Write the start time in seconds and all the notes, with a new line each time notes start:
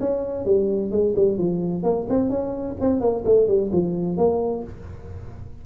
0.00 C#4
0.45 G3
0.91 G#3
1.16 G3
1.38 F3
1.84 A#3
2.09 C4
2.30 C#4
2.81 C4
3.00 A#3
3.25 A3
3.48 G3
3.72 F3
4.17 A#3